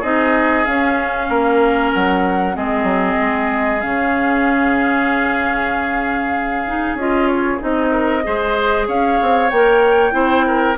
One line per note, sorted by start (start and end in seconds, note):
0.00 0.66 C4
0.00 0.66 D#4
0.00 1.26 G#4
0.00 0.65 D#5
0.65 1.29 C#4
0.65 2.54 C#4
0.65 1.91 F5
1.29 1.92 A#3
1.29 2.56 A#4
1.93 2.57 F#3
1.93 2.56 F#5
2.54 2.83 G#3
2.54 3.81 C4
2.54 7.91 G#4
2.54 3.81 D#5
2.83 3.15 F#3
3.21 3.84 G#3
3.81 6.94 C#3
3.81 6.66 C#4
3.81 6.97 F5
6.66 6.98 D#4
6.94 7.57 C#4
6.94 7.59 F4
6.94 7.28 D#5
7.28 7.59 C#5
7.59 8.26 C4
7.59 8.22 D#4
7.59 8.88 D#5
7.91 8.22 A#4
8.23 8.88 G#3
8.23 9.49 G#4
8.23 8.87 C5
8.87 9.19 C#4
8.87 10.14 C#5
8.87 9.50 F5
9.22 9.51 C4
9.50 10.12 A#3
9.50 10.11 A#4
9.50 10.76 G5
10.11 10.76 C4
10.11 10.74 E4
10.11 10.46 C5
10.47 10.78 A#4